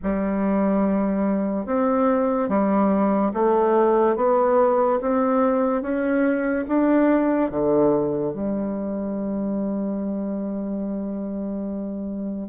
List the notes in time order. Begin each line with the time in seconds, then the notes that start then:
0.02 G3
1.66 C4
2.48 G3
3.33 A3
4.16 B3
5.01 C4
5.81 C#4
6.67 D4
7.50 D3
8.33 G3